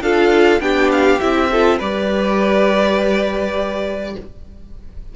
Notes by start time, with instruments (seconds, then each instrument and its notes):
0.00 cello D4, viola F4, violin A4 F5
0.60 cello B3, viola D4, violin G4 G5
0.91 violin F5
1.20 cello C4, viola E4, violin E5
1.51 viola F4, violin A4
1.78 cello G3, viola G4, violin B4 D5